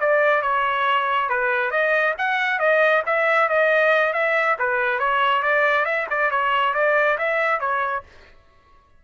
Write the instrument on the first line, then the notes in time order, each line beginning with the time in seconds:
trumpet
0.00 D5
0.42 C#5
1.29 B4
1.71 D#5
2.18 F#5
2.59 D#5
3.06 E5
3.49 D#5
4.13 E5
4.59 B4
4.99 C#5
5.42 D5
5.85 E5
6.10 D5
6.31 C#5
6.74 D5
7.18 E5
7.60 C#5